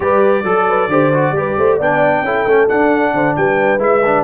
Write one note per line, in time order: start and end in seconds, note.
0.00 0.43 G3
0.00 0.44 G4
0.00 0.44 B4
0.00 1.79 D5
0.43 0.88 F#3
0.43 0.66 A4
0.43 0.89 A4
0.68 0.90 B4
0.88 1.31 D3
0.88 1.13 G4
0.88 1.35 C5
1.13 1.35 F#4
1.31 1.53 G3
1.31 1.80 G4
1.37 1.58 B4
1.58 1.79 A3
1.58 1.77 C5
1.77 2.21 B3
1.77 2.25 D4
1.77 2.22 D5
1.77 2.68 G5
2.21 2.44 C#4
2.21 2.48 E4
2.21 3.14 A4
2.46 2.68 A3
2.46 2.68 C#4
2.68 3.78 D4
2.68 3.13 D4
2.68 3.35 F#5
3.13 3.36 D3
3.13 3.36 C5
3.36 3.78 G3
3.36 4.24 B4
3.36 3.80 G5
3.78 4.23 G#3
3.78 4.01 E4
3.78 4.24 E5
4.05 4.24 D4